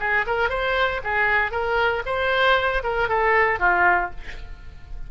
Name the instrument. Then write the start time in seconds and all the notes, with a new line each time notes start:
oboe
0.00 G#4
0.27 A#4
0.50 C5
1.04 G#4
1.51 A#4
2.06 C5
2.83 A#4
3.09 A4
3.59 F4